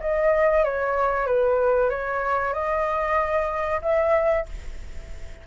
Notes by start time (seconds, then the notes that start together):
0.00 D#5
0.64 C#5
1.26 B4
1.89 C#5
2.53 D#5
3.82 E5